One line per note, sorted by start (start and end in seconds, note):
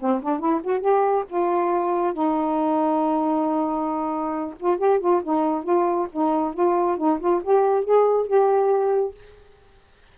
0.00 0.22 C4
0.22 0.40 D4
0.40 0.62 E4
0.64 0.81 F#4
0.81 1.25 G4
1.29 2.14 F4
2.14 4.55 D#4
4.60 4.78 F4
4.78 5.00 G4
5.00 5.22 F4
5.24 5.64 D#4
5.64 6.08 F4
6.13 6.54 D#4
6.54 6.98 F4
6.98 7.20 D#4
7.20 7.42 F4
7.44 7.85 G4
7.85 8.28 G#4
8.28 9.15 G4